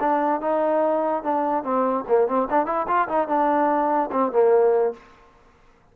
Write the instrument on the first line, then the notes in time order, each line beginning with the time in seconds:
trombone
0.00 D4
0.41 D#4
1.23 D4
1.63 C4
2.08 A#3
2.27 C4
2.50 D4
2.66 E4
2.87 F4
3.08 D#4
3.28 D4
4.11 C4
4.32 A#3